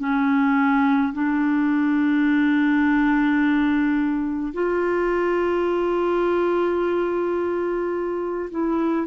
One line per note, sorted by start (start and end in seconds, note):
0.00 1.13 C#4
1.13 4.53 D4
4.53 8.50 F4
8.50 9.07 E4